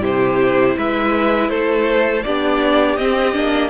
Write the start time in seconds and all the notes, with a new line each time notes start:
0.00 C3 E4 G4 C5
0.77 G#3 B4 E5
1.49 A3 A4 C5
2.23 B3 D4 G4 D5
2.96 C4 D#5
3.33 A#3 D4